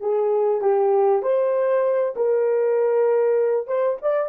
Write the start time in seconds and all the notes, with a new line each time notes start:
0.00 G#4
0.61 G4
1.22 C5
2.15 A#4
3.67 C5
4.02 D5